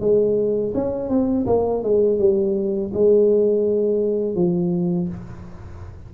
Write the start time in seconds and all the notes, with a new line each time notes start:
0.00 G#3
0.75 C#4
1.09 C4
1.46 A#3
1.83 G#3
2.19 G3
2.93 G#3
4.35 F3